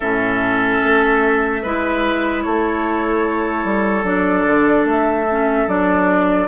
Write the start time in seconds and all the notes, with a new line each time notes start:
0.00 A2 C#4 A4 E5
0.83 A3
1.62 G#3 E4 B4
2.42 A3 A4 C#5
3.64 G3
4.03 F#3 D4 D5
4.46 D3
4.84 A3 E5
5.30 C#4
5.67 F#3 D4 D5